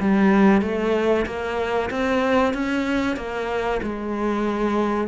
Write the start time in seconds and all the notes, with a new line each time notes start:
0.00 G3
0.62 A3
1.26 A#3
1.90 C4
2.54 C#4
3.16 A#3
3.82 G#3